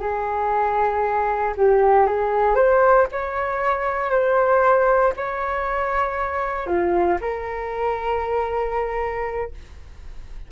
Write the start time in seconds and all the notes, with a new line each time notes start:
0.00 G#4
1.57 G4
2.07 G#4
2.55 C5
3.12 C#5
4.11 C5
5.17 C#5
6.67 F4
7.21 A#4